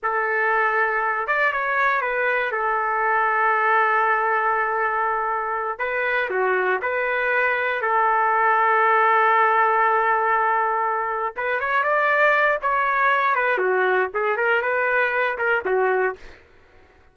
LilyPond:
\new Staff \with { instrumentName = "trumpet" } { \time 4/4 \tempo 4 = 119 a'2~ a'8 d''8 cis''4 | b'4 a'2.~ | a'2.~ a'8 b'8~ | b'8 fis'4 b'2 a'8~ |
a'1~ | a'2~ a'8 b'8 cis''8 d''8~ | d''4 cis''4. b'8 fis'4 | gis'8 ais'8 b'4. ais'8 fis'4 | }